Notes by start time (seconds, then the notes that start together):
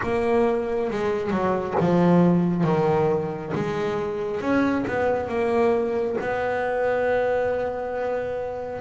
0.02 A#3
0.90 G#3
1.30 F#3
1.80 F3
2.64 D#3
3.54 G#3
4.40 C#4
4.87 B3
5.28 A#3
6.20 B3